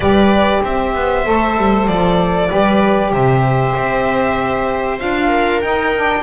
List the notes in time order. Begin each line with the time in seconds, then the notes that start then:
0.00 G3 G4 B4 D5
0.61 C4 C5 E5
0.94 B3
1.25 A3 A4
1.57 G3
1.87 F3 D5
2.48 G3 G4 B4
3.12 C3 C5 E5
3.76 C4
4.98 D4 F4 F5
5.27 A#4
5.61 D#4 G5
5.95 D4